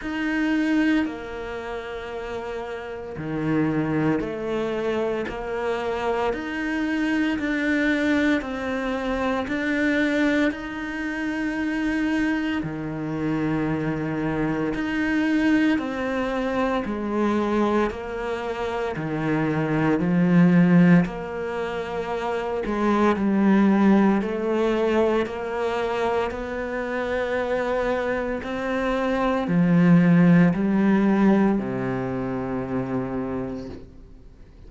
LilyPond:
\new Staff \with { instrumentName = "cello" } { \time 4/4 \tempo 4 = 57 dis'4 ais2 dis4 | a4 ais4 dis'4 d'4 | c'4 d'4 dis'2 | dis2 dis'4 c'4 |
gis4 ais4 dis4 f4 | ais4. gis8 g4 a4 | ais4 b2 c'4 | f4 g4 c2 | }